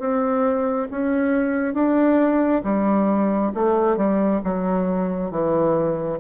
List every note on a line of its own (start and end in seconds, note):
0.00 0.88 C4
0.91 1.74 C#4
1.74 2.63 D4
2.64 3.52 G3
3.55 3.97 A3
3.97 4.42 G3
4.45 5.31 F#3
5.31 6.19 E3